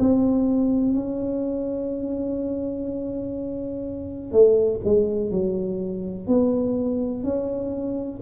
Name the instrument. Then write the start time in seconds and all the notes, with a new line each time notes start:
tuba
0.00 C4
0.95 C#4
4.32 A3
4.85 G#3
5.31 F#3
6.28 B3
7.24 C#4